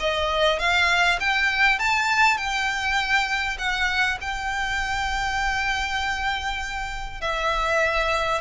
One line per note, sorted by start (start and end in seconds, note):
0.00 0.59 D#5
0.59 1.19 F5
1.20 1.79 G5
1.79 2.38 A5
2.38 3.58 G5
3.59 4.19 F#5
4.21 7.21 G5
7.21 8.41 E5